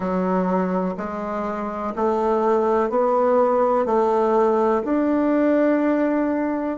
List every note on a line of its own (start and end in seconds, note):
0.00 0.95 F#3
0.97 1.94 G#3
1.95 2.89 A3
2.89 3.85 B3
3.85 4.82 A3
4.84 6.77 D4